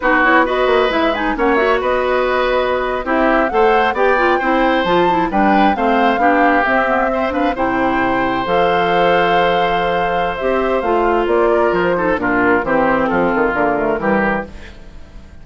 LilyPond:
<<
  \new Staff \with { instrumentName = "flute" } { \time 4/4 \tempo 4 = 133 b'8 cis''8 dis''4 e''8 gis''8 fis''8 e''8 | dis''2~ dis''8. e''4 fis''16~ | fis''8. g''2 a''4 g''16~ | g''8. f''2 e''4~ e''16~ |
e''16 f''8 g''2 f''4~ f''16~ | f''2. e''4 | f''4 d''4 c''4 ais'4 | c''4 a'4 ais'2 | }
  \new Staff \with { instrumentName = "oboe" } { \time 4/4 fis'4 b'2 cis''4 | b'2~ b'8. g'4 c''16~ | c''8. d''4 c''2 b'16~ | b'8. c''4 g'2 c''16~ |
c''16 b'8 c''2.~ c''16~ | c''1~ | c''4. ais'4 a'8 f'4 | g'4 f'2 g'4 | }
  \new Staff \with { instrumentName = "clarinet" } { \time 4/4 dis'8 e'8 fis'4 e'8 dis'8 cis'8 fis'8~ | fis'2~ fis'8. e'4 a'16~ | a'8. g'8 f'8 e'4 f'8 e'8 d'16~ | d'8. c'4 d'4 c'8 b8 c'16~ |
c'16 d'8 e'2 a'4~ a'16~ | a'2. g'4 | f'2~ f'8 dis'8 d'4 | c'2 ais8 a8 g4 | }
  \new Staff \with { instrumentName = "bassoon" } { \time 4/4 b4. ais8 gis4 ais4 | b2~ b8. c'4 a16~ | a8. b4 c'4 f4 g16~ | g8. a4 b4 c'4~ c'16~ |
c'8. c2 f4~ f16~ | f2. c'4 | a4 ais4 f4 ais,4 | e4 f8 dis8 d4 e4 | }
>>